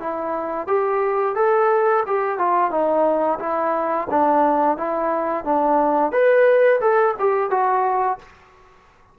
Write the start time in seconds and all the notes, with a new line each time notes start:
0.00 E4
0.67 G4
1.35 A4
2.07 G4
2.39 F4
2.71 D#4
3.40 E4
4.10 D4
4.78 E4
5.45 D4
6.12 B4
6.81 A4
7.20 G4
7.51 F#4